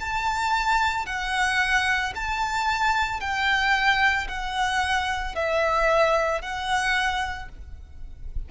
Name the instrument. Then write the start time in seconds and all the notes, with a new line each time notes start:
violin
0.00 A5
1.06 F#5
2.15 A5
3.20 G5
4.28 F#5
5.35 E5
6.42 F#5